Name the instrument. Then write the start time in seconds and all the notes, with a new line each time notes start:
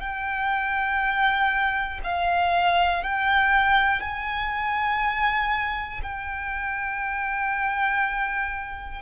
violin
0.00 G5
2.04 F5
3.03 G5
4.01 G#5
6.03 G5